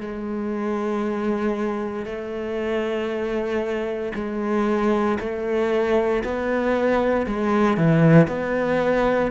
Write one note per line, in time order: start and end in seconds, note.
0.00 2.05 G#3
2.05 4.12 A3
4.15 5.18 G#3
5.20 6.23 A3
6.24 7.26 B3
7.26 7.77 G#3
7.77 8.28 E3
8.28 9.31 B3